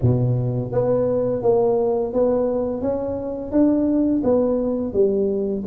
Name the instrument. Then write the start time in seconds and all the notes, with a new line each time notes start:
tuba
0.01 B2
0.72 B3
1.42 A#3
2.13 B3
2.81 C#4
3.51 D4
4.24 B3
4.93 G3